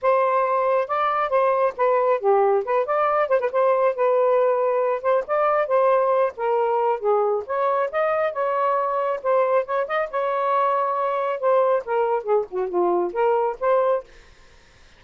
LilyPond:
\new Staff \with { instrumentName = "saxophone" } { \time 4/4 \tempo 4 = 137 c''2 d''4 c''4 | b'4 g'4 b'8 d''4 c''16 b'16 | c''4 b'2~ b'8 c''8 | d''4 c''4. ais'4. |
gis'4 cis''4 dis''4 cis''4~ | cis''4 c''4 cis''8 dis''8 cis''4~ | cis''2 c''4 ais'4 | gis'8 fis'8 f'4 ais'4 c''4 | }